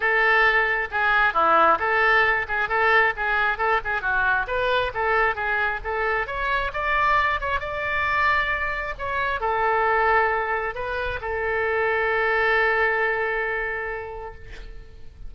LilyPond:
\new Staff \with { instrumentName = "oboe" } { \time 4/4 \tempo 4 = 134 a'2 gis'4 e'4 | a'4. gis'8 a'4 gis'4 | a'8 gis'8 fis'4 b'4 a'4 | gis'4 a'4 cis''4 d''4~ |
d''8 cis''8 d''2. | cis''4 a'2. | b'4 a'2.~ | a'1 | }